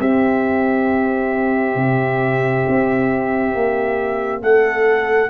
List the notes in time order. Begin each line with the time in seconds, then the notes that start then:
0.00 C4 G4 E5
1.76 C3
2.69 C4
3.55 A#3
4.42 A3 A4 F#5